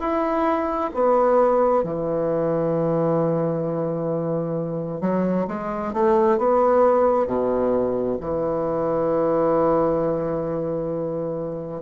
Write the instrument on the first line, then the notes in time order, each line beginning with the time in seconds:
bassoon
0.00 E4
0.94 B3
1.84 E3
5.01 F#3
5.48 G#3
5.93 A3
6.38 B3
7.27 B2
8.21 E3